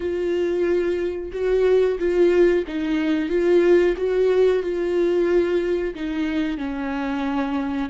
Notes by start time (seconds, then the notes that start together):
0.00 F4
1.32 F#4
1.99 F4
2.67 D#4
3.29 F4
3.96 F#4
4.62 F4
5.94 D#4
6.57 C#4